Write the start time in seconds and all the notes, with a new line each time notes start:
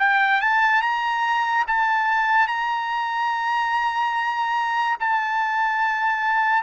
0.00 G5
0.41 A5
0.82 A#5
1.68 A5
2.48 A#5
5.00 A5